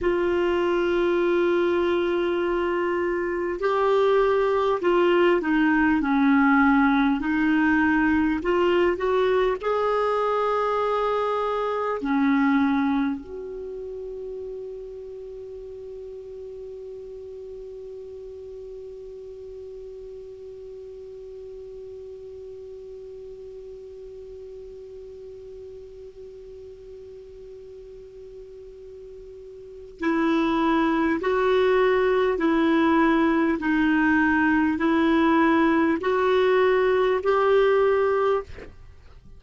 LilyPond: \new Staff \with { instrumentName = "clarinet" } { \time 4/4 \tempo 4 = 50 f'2. g'4 | f'8 dis'8 cis'4 dis'4 f'8 fis'8 | gis'2 cis'4 fis'4~ | fis'1~ |
fis'1~ | fis'1~ | fis'4 e'4 fis'4 e'4 | dis'4 e'4 fis'4 g'4 | }